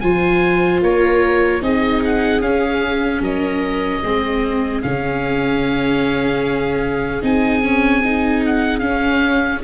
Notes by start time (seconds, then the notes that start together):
0.00 F3 F4 C5 G#5
0.82 A#3 A#4 C#5
1.61 C4 D#4 G#4 D#5
2.04 F#5
2.40 C#4 F5
3.20 F#3 A#4 D#5
4.03 G#3 C4 G#4
4.82 C#3 C#4 F5
7.22 C4 D#4 G#5
7.63 C#4
8.04 D#4
8.45 F#5
8.79 C#4 F5